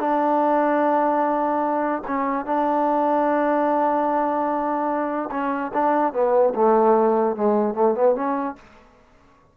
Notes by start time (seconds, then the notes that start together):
0.00 D4
2.07 C#4
2.46 D4
5.31 C#4
5.74 D4
6.13 B3
6.55 A3
7.36 G#3
7.75 A3
7.95 B3
8.15 C#4